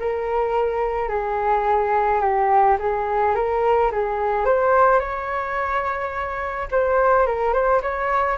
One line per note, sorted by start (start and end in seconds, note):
0.00 1.09 A#4
1.09 2.21 G#4
2.21 2.78 G4
2.79 3.35 G#4
3.35 3.91 A#4
3.92 4.45 G#4
4.45 5.00 C5
5.00 6.68 C#5
6.71 7.27 C5
7.27 7.53 A#4
7.53 7.81 C5
7.82 8.38 C#5